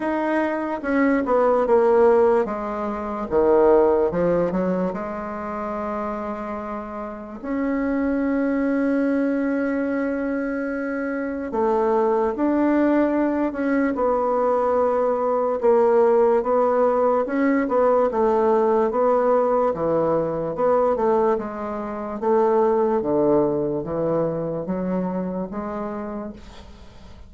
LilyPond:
\new Staff \with { instrumentName = "bassoon" } { \time 4/4 \tempo 4 = 73 dis'4 cis'8 b8 ais4 gis4 | dis4 f8 fis8 gis2~ | gis4 cis'2.~ | cis'2 a4 d'4~ |
d'8 cis'8 b2 ais4 | b4 cis'8 b8 a4 b4 | e4 b8 a8 gis4 a4 | d4 e4 fis4 gis4 | }